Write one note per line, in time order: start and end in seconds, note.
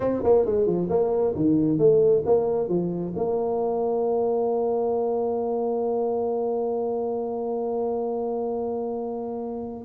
0.00 0.23 C4
0.23 0.45 A#3
0.45 0.66 G#3
0.66 0.88 F3
0.89 1.34 A#3
1.35 1.78 D#3
1.78 2.23 A3
2.25 2.68 A#3
2.68 3.13 F3
3.15 9.84 A#3